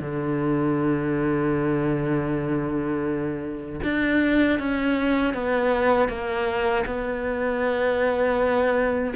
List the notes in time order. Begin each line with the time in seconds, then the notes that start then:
0.00 D3
3.83 D4
4.59 C#4
5.33 B3
6.09 A#3
6.86 B3